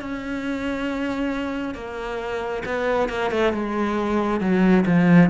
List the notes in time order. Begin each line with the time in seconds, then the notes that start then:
0.00 C#4
1.74 A#3
2.65 B3
3.08 A#3
3.30 A3
3.53 G#3
4.40 F#3
4.85 F3